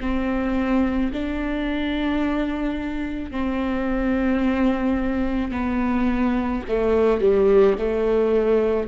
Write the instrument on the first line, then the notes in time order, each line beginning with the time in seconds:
viola
0.00 C4
1.13 D4
3.31 C4
5.51 B3
6.68 A3
7.21 G3
7.78 A3